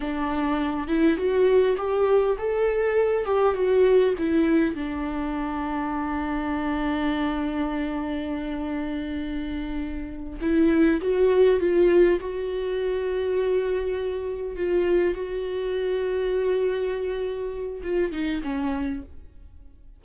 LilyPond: \new Staff \with { instrumentName = "viola" } { \time 4/4 \tempo 4 = 101 d'4. e'8 fis'4 g'4 | a'4. g'8 fis'4 e'4 | d'1~ | d'1~ |
d'4. e'4 fis'4 f'8~ | f'8 fis'2.~ fis'8~ | fis'8 f'4 fis'2~ fis'8~ | fis'2 f'8 dis'8 cis'4 | }